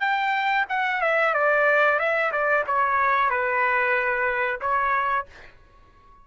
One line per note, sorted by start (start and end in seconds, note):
0.00 0.65 G5
0.69 1.01 F#5
1.01 1.34 E5
1.34 1.99 D5
1.99 2.32 E5
2.32 2.64 D5
2.67 3.30 C#5
3.30 4.60 B4
4.61 5.26 C#5